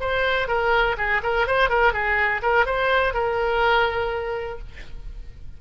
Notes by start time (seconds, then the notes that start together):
0.00 C5
0.48 A#4
0.97 G#4
1.23 A#4
1.47 C5
1.69 A#4
1.93 G#4
2.42 A#4
2.66 C5
3.14 A#4